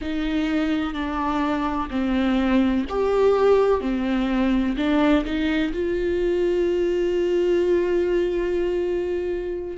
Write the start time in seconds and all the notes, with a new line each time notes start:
0.01 D#4
0.93 D4
1.90 C4
2.89 G4
3.81 C4
4.76 D4
5.24 D#4
5.72 F4